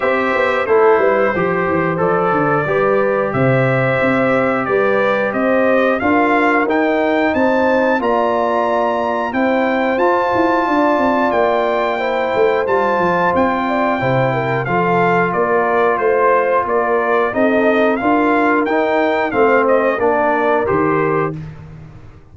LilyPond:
<<
  \new Staff \with { instrumentName = "trumpet" } { \time 4/4 \tempo 4 = 90 e''4 c''2 d''4~ | d''4 e''2 d''4 | dis''4 f''4 g''4 a''4 | ais''2 g''4 a''4~ |
a''4 g''2 a''4 | g''2 f''4 d''4 | c''4 d''4 dis''4 f''4 | g''4 f''8 dis''8 d''4 c''4 | }
  \new Staff \with { instrumentName = "horn" } { \time 4/4 c''4 a'8 b'8 c''2 | b'4 c''2 b'4 | c''4 ais'2 c''4 | d''2 c''2 |
d''2 c''2~ | c''8 d''8 c''8 ais'8 a'4 ais'4 | c''4 ais'4 a'4 ais'4~ | ais'4 c''4 ais'2 | }
  \new Staff \with { instrumentName = "trombone" } { \time 4/4 g'4 e'4 g'4 a'4 | g'1~ | g'4 f'4 dis'2 | f'2 e'4 f'4~ |
f'2 e'4 f'4~ | f'4 e'4 f'2~ | f'2 dis'4 f'4 | dis'4 c'4 d'4 g'4 | }
  \new Staff \with { instrumentName = "tuba" } { \time 4/4 c'8 b8 a8 g8 f8 e8 f8 d8 | g4 c4 c'4 g4 | c'4 d'4 dis'4 c'4 | ais2 c'4 f'8 e'8 |
d'8 c'8 ais4. a8 g8 f8 | c'4 c4 f4 ais4 | a4 ais4 c'4 d'4 | dis'4 a4 ais4 dis4 | }
>>